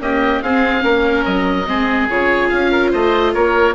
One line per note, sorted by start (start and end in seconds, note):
0.00 0.42 A#3
0.00 0.41 C#4
0.00 0.44 G4
0.00 0.42 D#5
0.42 0.83 C4
0.42 0.80 C4
0.42 0.84 G#4
0.42 1.25 F5
0.80 1.25 A#3
0.80 1.63 C#4
0.80 1.67 A#4
1.25 1.67 F#3
1.25 2.08 D#5
1.67 2.10 G#3
1.67 2.09 C4
1.67 2.71 G#4
2.10 2.51 C#3
2.10 3.75 F4
2.10 2.49 C#5
2.49 2.94 C#4
2.49 2.90 F5
2.71 2.91 A#4
2.91 3.35 A3
2.91 3.32 C5
2.91 3.34 D#5
3.34 3.75 A#3
3.34 3.75 A#4
3.34 3.75 C#5